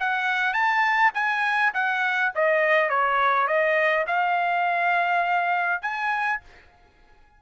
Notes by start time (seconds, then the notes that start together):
0.00 F#5
0.53 A5
1.14 G#5
1.74 F#5
2.35 D#5
2.89 C#5
3.47 D#5
4.08 F5
5.82 G#5